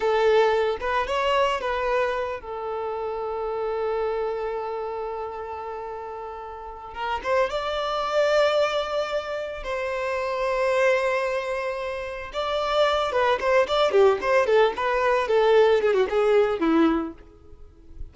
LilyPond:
\new Staff \with { instrumentName = "violin" } { \time 4/4 \tempo 4 = 112 a'4. b'8 cis''4 b'4~ | b'8 a'2.~ a'8~ | a'1~ | a'4 ais'8 c''8 d''2~ |
d''2 c''2~ | c''2. d''4~ | d''8 b'8 c''8 d''8 g'8 c''8 a'8 b'8~ | b'8 a'4 gis'16 fis'16 gis'4 e'4 | }